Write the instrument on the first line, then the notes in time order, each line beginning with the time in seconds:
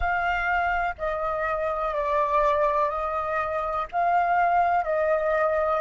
flute
0.00 F5
0.98 D#5
1.94 D5
2.89 D#5
3.91 F5
4.84 D#5